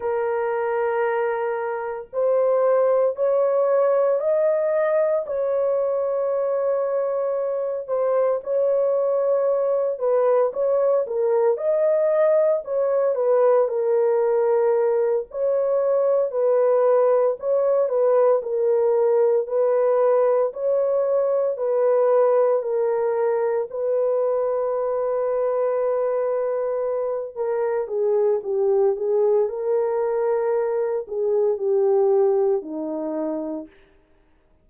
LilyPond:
\new Staff \with { instrumentName = "horn" } { \time 4/4 \tempo 4 = 57 ais'2 c''4 cis''4 | dis''4 cis''2~ cis''8 c''8 | cis''4. b'8 cis''8 ais'8 dis''4 | cis''8 b'8 ais'4. cis''4 b'8~ |
b'8 cis''8 b'8 ais'4 b'4 cis''8~ | cis''8 b'4 ais'4 b'4.~ | b'2 ais'8 gis'8 g'8 gis'8 | ais'4. gis'8 g'4 dis'4 | }